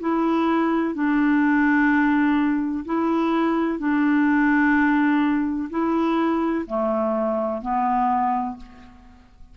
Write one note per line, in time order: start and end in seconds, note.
0.00 0.94 E4
0.94 2.84 D4
2.85 3.78 E4
3.78 5.69 D4
5.70 6.65 E4
6.66 7.61 A3
7.61 8.57 B3